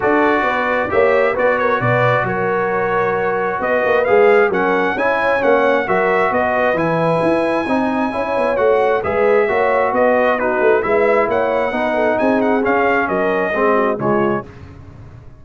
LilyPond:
<<
  \new Staff \with { instrumentName = "trumpet" } { \time 4/4 \tempo 4 = 133 d''2 e''4 d''8 cis''8 | d''4 cis''2. | dis''4 f''4 fis''4 gis''4 | fis''4 e''4 dis''4 gis''4~ |
gis''2. fis''4 | e''2 dis''4 b'4 | e''4 fis''2 gis''8 fis''8 | f''4 dis''2 cis''4 | }
  \new Staff \with { instrumentName = "horn" } { \time 4/4 a'4 b'4 cis''4 b'8 ais'8 | b'4 ais'2. | b'2 ais'4 cis''4~ | cis''4 ais'4 b'2~ |
b'4 dis''4 cis''2 | b'4 cis''4 b'4 fis'4 | b'4 cis''4 b'8 a'8 gis'4~ | gis'4 ais'4 gis'8 fis'8 f'4 | }
  \new Staff \with { instrumentName = "trombone" } { \time 4/4 fis'2 g'4 fis'4~ | fis'1~ | fis'4 gis'4 cis'4 e'4 | cis'4 fis'2 e'4~ |
e'4 dis'4 e'4 fis'4 | gis'4 fis'2 dis'4 | e'2 dis'2 | cis'2 c'4 gis4 | }
  \new Staff \with { instrumentName = "tuba" } { \time 4/4 d'4 b4 ais4 b4 | b,4 fis2. | b8 ais8 gis4 fis4 cis'4 | ais4 fis4 b4 e4 |
e'4 c'4 cis'8 b8 a4 | gis4 ais4 b4. a8 | gis4 ais4 b4 c'4 | cis'4 fis4 gis4 cis4 | }
>>